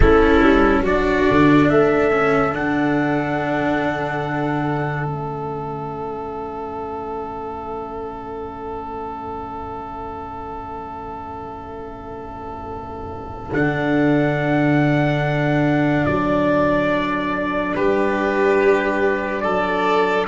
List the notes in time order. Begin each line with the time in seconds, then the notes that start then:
0.00 A3 C#4 E4 A4
0.42 G3
0.80 F#3 F#4 D5
0.86 D4
1.30 D3
1.69 A3 A4 E5
2.10 C#4
2.52 D3 D4 F#5
5.04 A3 C#4 E5
13.52 D3 D4 F#5
16.05 F#3 D5
17.75 G3 G4 B4
19.40 F#3 A4 D5